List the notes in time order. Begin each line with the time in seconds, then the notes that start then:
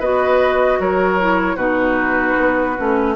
0.00 B3 F#4 B4 D#5
0.80 F#3 A#4 C#5
1.20 E4
1.56 B2 D#4 F#4 B4
2.38 B3
2.78 A3 C#4